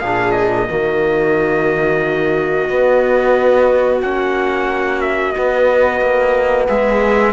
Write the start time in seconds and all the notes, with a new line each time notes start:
0.00 A#2 D4 G#4 F5
0.32 D#5
0.69 D#3 A#3 F#4
2.69 B3
4.02 A#3 C#4 F#5
5.02 E5
5.33 B3 D#5
6.02 A#3
6.67 G#3 G#4 E5